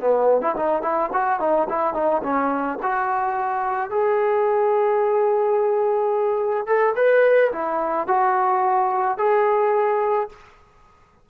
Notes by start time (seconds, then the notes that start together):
0.00 B3
0.41 E4
0.56 D#4
0.82 E4
1.12 F#4
1.40 D#4
1.69 E4
1.94 D#4
2.22 C#4
2.82 F#4
3.90 G#4
6.66 A4
6.95 B4
7.52 E4
8.07 F#4
9.18 G#4